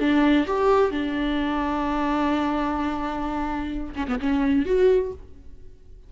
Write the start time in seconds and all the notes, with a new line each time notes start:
0.00 D4
0.47 G4
0.92 D4
3.96 C#4
4.08 B3
4.20 C#4
4.66 F#4